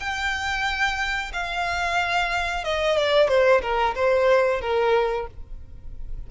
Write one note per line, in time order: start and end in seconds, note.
0.00 1.32 G5
1.33 2.65 F5
2.65 2.97 D#5
2.97 3.28 D5
3.28 3.61 C5
3.62 3.95 A#4
3.95 4.61 C5
4.61 5.27 A#4